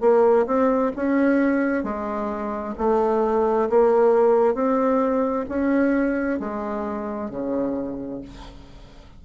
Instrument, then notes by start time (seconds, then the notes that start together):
bassoon
0.00 A#3
0.46 C4
0.95 C#4
1.83 G#3
2.78 A3
3.69 A#3
4.54 C4
5.48 C#4
6.39 G#3
7.30 C#3